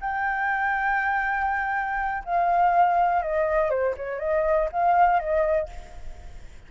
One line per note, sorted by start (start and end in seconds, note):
0.00 2.23 G5
2.24 3.22 F5
3.22 3.70 D#5
3.70 3.95 C5
3.96 4.19 C#5
4.19 4.69 D#5
4.72 5.19 F5
5.19 5.68 D#5